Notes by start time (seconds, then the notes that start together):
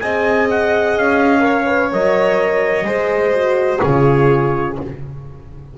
0.00 C4 G#4 D#5 G#5
0.50 F#5
0.97 C#4 F5
1.40 A#4 C#5
1.66 B4
1.92 F#3 A#4 D#5
2.85 G#3 G#4 C5
3.34 F#4
3.81 C#3 F4 G#4 C#5